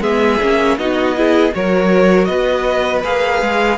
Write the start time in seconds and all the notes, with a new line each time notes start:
0.00 G#3 B3 G#4 E5
0.42 A#3 C#4
0.77 B3 D#4 F#4 D#5
1.16 E4 G#4
1.52 F#3 F#4 A#4 C#5
2.25 B3 B4 D#5
3.04 A#3 G#4 F5
3.42 G#3